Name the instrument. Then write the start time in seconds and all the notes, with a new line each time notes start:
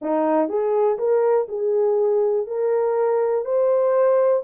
horn
0.01 D#4
0.49 G#4
0.98 A#4
1.48 G#4
2.46 A#4
3.44 C5